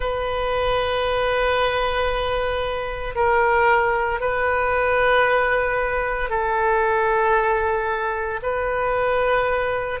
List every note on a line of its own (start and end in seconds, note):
0.00 3.14 B4
3.15 4.20 A#4
4.20 6.29 B4
6.29 8.40 A4
8.42 10.00 B4